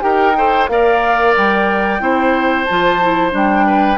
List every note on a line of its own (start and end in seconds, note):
0.00 0.68 D#4
0.00 0.33 G4
0.00 0.36 A#4
0.00 0.67 G5
0.36 0.69 A4
0.36 0.70 C5
0.68 1.34 A#3
0.68 2.00 A#4
0.68 2.02 D5
0.68 1.34 F5
1.36 2.00 G3
1.36 2.64 G5
2.00 2.66 C4
2.00 2.66 E4
2.00 3.66 C5
2.64 3.32 F3
2.64 3.01 F4
2.64 3.30 A5
3.02 3.31 E4
3.31 3.98 G3
3.31 3.97 D4
3.31 3.98 G5
3.66 3.98 B4